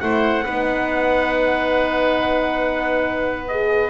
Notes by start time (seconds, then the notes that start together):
0.00 A3 E4 C5 F#5
0.45 B3 D#4 B4
3.48 G#4 D#5